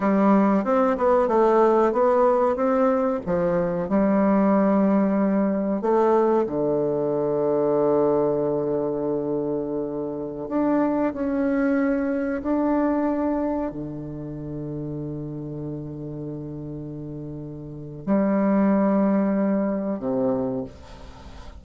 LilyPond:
\new Staff \with { instrumentName = "bassoon" } { \time 4/4 \tempo 4 = 93 g4 c'8 b8 a4 b4 | c'4 f4 g2~ | g4 a4 d2~ | d1~ |
d16 d'4 cis'2 d'8.~ | d'4~ d'16 d2~ d8.~ | d1 | g2. c4 | }